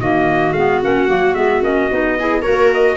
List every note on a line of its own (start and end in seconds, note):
0.00 0.52 D#3
0.00 0.55 A#3
0.00 2.19 F#4
0.00 0.53 D#5
0.52 0.79 G#3
0.52 0.82 B3
0.52 0.80 F5
0.82 1.09 A#3
0.82 1.08 C#4
0.82 1.35 F#5
1.08 1.34 F#3
1.08 1.35 A#3
1.34 1.62 G#3
1.34 1.62 B3
1.34 1.62 E5
1.62 1.90 A#3
1.62 1.90 C#4
1.62 2.42 D#5
1.90 2.46 B3
1.90 2.18 D#4
2.19 2.42 E4
2.19 2.42 G#4
2.42 2.97 A#3
2.42 2.97 F#4
2.42 2.97 A#4
2.42 2.70 C#5
2.74 2.97 D#5